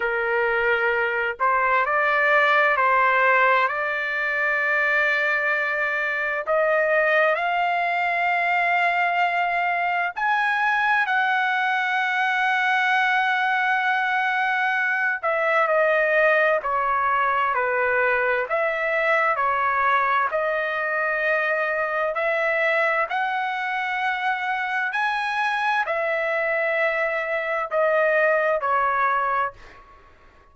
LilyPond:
\new Staff \with { instrumentName = "trumpet" } { \time 4/4 \tempo 4 = 65 ais'4. c''8 d''4 c''4 | d''2. dis''4 | f''2. gis''4 | fis''1~ |
fis''8 e''8 dis''4 cis''4 b'4 | e''4 cis''4 dis''2 | e''4 fis''2 gis''4 | e''2 dis''4 cis''4 | }